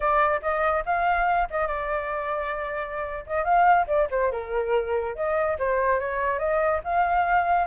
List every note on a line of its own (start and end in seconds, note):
0.00 0.40 D5
0.42 0.84 D#5
0.85 1.48 F5
1.50 1.67 D#5
1.67 3.24 D5
3.26 3.44 D#5
3.44 3.86 F5
3.87 4.08 D5
4.10 4.31 C5
4.31 5.15 A#4
5.15 5.57 D#5
5.58 5.99 C5
5.99 6.38 C#5
6.38 6.80 D#5
6.84 7.67 F5